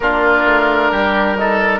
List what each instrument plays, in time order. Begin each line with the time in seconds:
0.00 bassoon A#3, trombone D4, oboe F4 A#4
0.45 bassoon A3
0.91 bassoon G3, oboe G4
1.37 trombone D#4, oboe A4